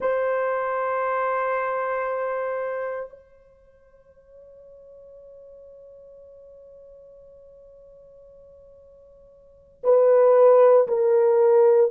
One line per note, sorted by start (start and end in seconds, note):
0.00 3.09 C5
3.09 9.81 C#5
9.83 10.87 B4
10.87 11.91 A#4